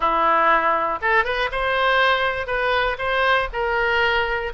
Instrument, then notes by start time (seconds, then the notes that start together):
oboe
0.00 E4
1.01 A4
1.24 B4
1.51 C5
2.47 B4
2.98 C5
3.52 A#4